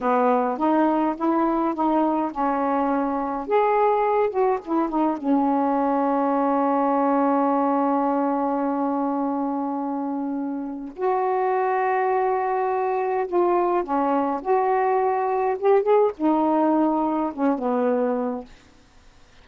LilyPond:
\new Staff \with { instrumentName = "saxophone" } { \time 4/4 \tempo 4 = 104 b4 dis'4 e'4 dis'4 | cis'2 gis'4. fis'8 | e'8 dis'8 cis'2.~ | cis'1~ |
cis'2. fis'4~ | fis'2. f'4 | cis'4 fis'2 g'8 gis'8 | dis'2 cis'8 b4. | }